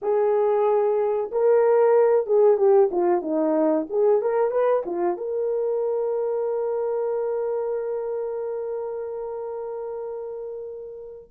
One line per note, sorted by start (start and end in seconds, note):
0.01 1.30 G#4
1.31 2.26 A#4
2.26 2.57 G#4
2.57 2.89 G4
2.91 3.21 F4
3.21 3.86 D#4
3.89 4.21 G#4
4.21 4.50 A#4
4.50 4.82 B4
4.85 5.17 F4
5.17 11.30 A#4